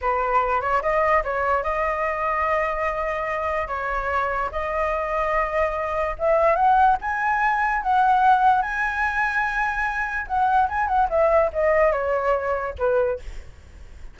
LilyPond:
\new Staff \with { instrumentName = "flute" } { \time 4/4 \tempo 4 = 146 b'4. cis''8 dis''4 cis''4 | dis''1~ | dis''4 cis''2 dis''4~ | dis''2. e''4 |
fis''4 gis''2 fis''4~ | fis''4 gis''2.~ | gis''4 fis''4 gis''8 fis''8 e''4 | dis''4 cis''2 b'4 | }